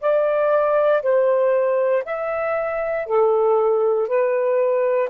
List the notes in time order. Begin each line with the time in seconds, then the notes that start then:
0.00 D5
1.02 C5
2.04 E5
3.06 A4
4.08 B4